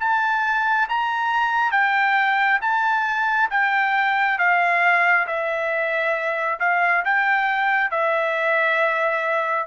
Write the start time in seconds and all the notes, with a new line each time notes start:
0.00 A5
0.89 A#5
1.72 G5
2.61 A5
3.51 G5
4.38 F5
5.27 E5
6.60 F5
7.05 G5
7.91 E5